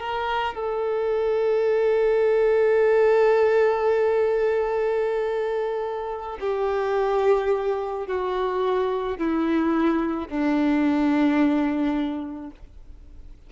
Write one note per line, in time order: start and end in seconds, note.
0.00 0.55 A#4
0.55 6.38 A4
6.40 8.07 G4
8.07 9.18 F#4
9.18 10.28 E4
10.28 12.51 D4